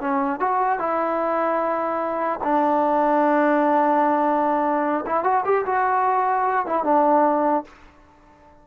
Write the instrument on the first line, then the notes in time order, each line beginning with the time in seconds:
trombone
0.00 C#4
0.39 F#4
0.79 E4
2.43 D4
5.06 E4
5.23 F#4
5.45 G4
5.66 F#4
6.66 E4
6.83 D4